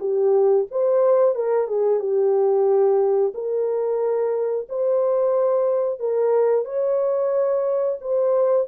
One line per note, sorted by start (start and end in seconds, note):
0.00 0.67 G4
0.72 1.35 C5
1.35 1.68 A#4
1.68 2.00 G#4
2.00 3.33 G4
3.35 4.68 A#4
4.69 6.00 C5
6.00 6.65 A#4
6.65 7.99 C#5
8.01 8.68 C5